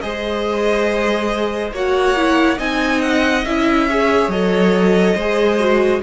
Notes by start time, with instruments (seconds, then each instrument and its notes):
0.00 cello G#3, viola G#4, violin C5 D#5
1.72 cello A#3, viola F#4, violin C#5 F#5
2.16 viola E4
2.57 cello C4, viola D#4, violin D#5 G#5
3.01 violin F#5
3.44 cello C#4, viola E4, violin E5
3.89 viola G#4, violin C#5
4.28 cello F#3, viola A4, violin D#5
5.14 cello G#3, viola G#4, violin C5
5.59 viola F#4